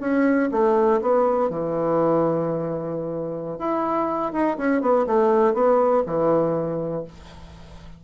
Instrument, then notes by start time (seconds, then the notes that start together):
bassoon
0.00 C#4
0.51 A3
1.01 B3
1.49 E3
3.58 E4
4.32 D#4
4.57 C#4
4.81 B3
5.06 A3
5.54 B3
6.06 E3